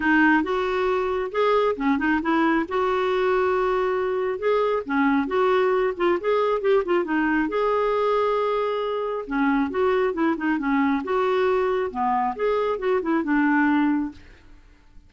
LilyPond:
\new Staff \with { instrumentName = "clarinet" } { \time 4/4 \tempo 4 = 136 dis'4 fis'2 gis'4 | cis'8 dis'8 e'4 fis'2~ | fis'2 gis'4 cis'4 | fis'4. f'8 gis'4 g'8 f'8 |
dis'4 gis'2.~ | gis'4 cis'4 fis'4 e'8 dis'8 | cis'4 fis'2 b4 | gis'4 fis'8 e'8 d'2 | }